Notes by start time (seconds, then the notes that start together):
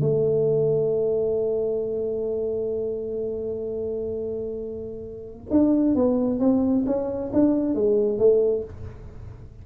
0.00 A3
5.50 D4
5.94 B3
6.39 C4
6.86 C#4
7.32 D4
7.74 G#3
8.18 A3